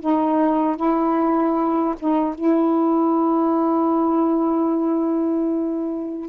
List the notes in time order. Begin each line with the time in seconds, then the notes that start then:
0.00 D#4
0.76 E4
1.99 D#4
2.35 E4